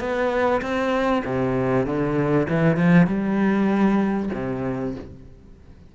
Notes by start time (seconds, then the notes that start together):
0.00 B3
0.62 C4
1.26 C3
1.86 D3
2.50 E3
2.77 F3
3.07 G3
4.34 C3